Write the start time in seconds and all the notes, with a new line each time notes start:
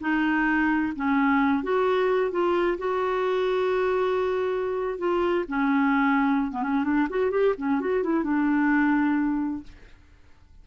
0.00 D#4
0.96 C#4
1.63 F#4
2.31 F4
2.78 F#4
4.98 F4
5.48 C#4
6.51 B3
6.62 C#4
6.84 D4
7.09 F#4
7.31 G4
7.57 C#4
7.80 F#4
8.03 E4
8.23 D4